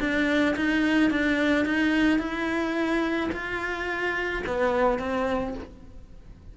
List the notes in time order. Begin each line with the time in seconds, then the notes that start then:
0.00 D4
0.56 D#4
1.11 D4
1.65 D#4
2.19 E4
3.32 F4
4.47 B3
4.99 C4